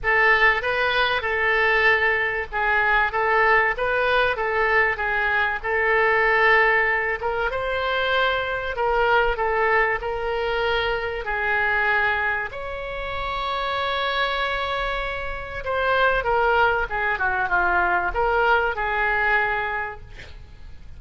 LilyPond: \new Staff \with { instrumentName = "oboe" } { \time 4/4 \tempo 4 = 96 a'4 b'4 a'2 | gis'4 a'4 b'4 a'4 | gis'4 a'2~ a'8 ais'8 | c''2 ais'4 a'4 |
ais'2 gis'2 | cis''1~ | cis''4 c''4 ais'4 gis'8 fis'8 | f'4 ais'4 gis'2 | }